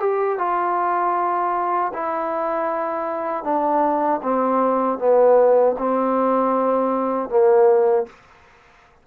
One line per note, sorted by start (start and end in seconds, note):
0.00 0.38 G4
0.38 1.92 F4
1.94 3.44 E4
3.44 4.21 D4
4.23 4.99 C4
4.99 5.76 B3
5.78 7.29 C4
7.29 8.06 A#3